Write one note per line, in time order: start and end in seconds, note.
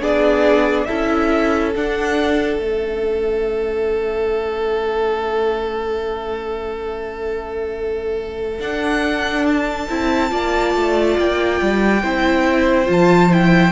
0.00 0.87 B3
0.00 0.86 D4
0.00 0.87 G#4
0.00 0.85 D5
0.85 1.76 C#4
0.85 1.74 E4
0.85 10.31 A4
0.85 1.71 E5
1.75 2.60 D4
1.75 2.59 D4
1.75 2.61 F#5
2.59 8.59 A3
2.59 8.59 C#4
2.59 8.60 E5
8.59 9.88 D4
8.59 9.46 F#5
9.46 11.17 A5
9.89 10.31 C4
9.89 10.29 E4
10.29 10.74 A#3
10.29 12.01 F4
10.29 12.02 D5
10.74 11.17 A3
11.18 11.61 A#3
11.18 12.90 G5
11.61 12.03 G3
12.02 12.88 C4
12.02 12.86 E4
12.02 13.72 C5
12.86 13.72 F3
12.86 13.29 F4
12.86 13.32 A5
13.30 13.72 E4
13.30 13.72 G5